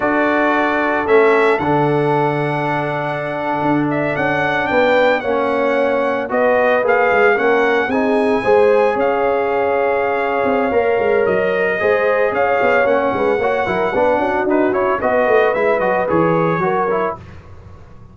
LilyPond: <<
  \new Staff \with { instrumentName = "trumpet" } { \time 4/4 \tempo 4 = 112 d''2 e''4 fis''4~ | fis''2.~ fis''16 e''8 fis''16~ | fis''8. g''4 fis''2 dis''16~ | dis''8. f''4 fis''4 gis''4~ gis''16~ |
gis''8. f''2.~ f''16~ | f''4 dis''2 f''4 | fis''2. b'8 cis''8 | dis''4 e''8 dis''8 cis''2 | }
  \new Staff \with { instrumentName = "horn" } { \time 4/4 a'1~ | a'1~ | a'8. b'4 cis''2 b'16~ | b'4.~ b'16 ais'4 gis'4 c''16~ |
c''8. cis''2.~ cis''16~ | cis''2 c''4 cis''4~ | cis''8 b'8 cis''8 ais'8 b'8 fis'4. | b'2. ais'4 | }
  \new Staff \with { instrumentName = "trombone" } { \time 4/4 fis'2 cis'4 d'4~ | d'1~ | d'4.~ d'16 cis'2 fis'16~ | fis'8. gis'4 cis'4 dis'4 gis'16~ |
gis'1 | ais'2 gis'2 | cis'4 fis'8 e'8 d'4 dis'8 e'8 | fis'4 e'8 fis'8 gis'4 fis'8 e'8 | }
  \new Staff \with { instrumentName = "tuba" } { \time 4/4 d'2 a4 d4~ | d2~ d8. d'4 cis'16~ | cis'8. b4 ais2 b16~ | b8. ais8 gis8 ais4 c'4 gis16~ |
gis8. cis'2~ cis'8. c'8 | ais8 gis8 fis4 gis4 cis'8 b8 | ais8 gis8 ais8 fis8 b8 cis'8 d'8 cis'8 | b8 a8 gis8 fis8 e4 fis4 | }
>>